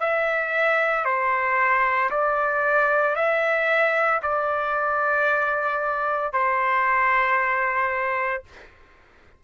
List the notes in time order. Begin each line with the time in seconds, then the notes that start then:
0.00 E5
1.05 C5
2.11 D5
3.15 E5
4.22 D5
6.33 C5